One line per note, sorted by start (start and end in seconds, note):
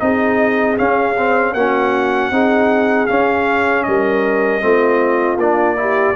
0.00 0.78 C4
0.00 0.77 D#4
0.00 1.55 G#4
0.00 0.77 D#5
0.77 1.16 C#4
0.77 1.54 C#4
0.77 1.54 F5
1.17 1.56 C4
1.54 2.31 A#3
1.54 2.32 C#4
1.54 2.31 F#4
1.54 3.07 F#5
2.31 3.08 C4
2.31 3.09 D#4
2.31 3.85 G#4
3.07 4.61 C#4
3.07 3.87 C#4
3.07 3.83 F5
3.83 4.63 G3
3.83 4.63 A#4
3.83 5.37 D#5
4.61 5.37 A3
4.61 5.38 C4
4.61 5.79 F4
5.37 6.14 A#3
5.37 5.77 D4
5.37 6.16 D5
5.77 6.15 E4
5.77 6.16 G4